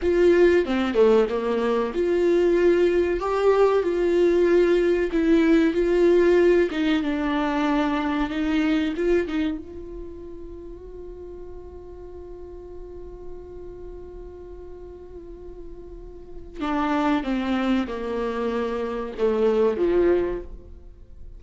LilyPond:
\new Staff \with { instrumentName = "viola" } { \time 4/4 \tempo 4 = 94 f'4 c'8 a8 ais4 f'4~ | f'4 g'4 f'2 | e'4 f'4. dis'8 d'4~ | d'4 dis'4 f'8 dis'8 f'4~ |
f'1~ | f'1~ | f'2 d'4 c'4 | ais2 a4 f4 | }